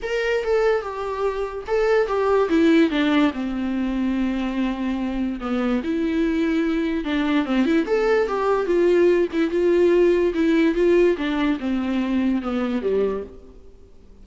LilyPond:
\new Staff \with { instrumentName = "viola" } { \time 4/4 \tempo 4 = 145 ais'4 a'4 g'2 | a'4 g'4 e'4 d'4 | c'1~ | c'4 b4 e'2~ |
e'4 d'4 c'8 e'8 a'4 | g'4 f'4. e'8 f'4~ | f'4 e'4 f'4 d'4 | c'2 b4 g4 | }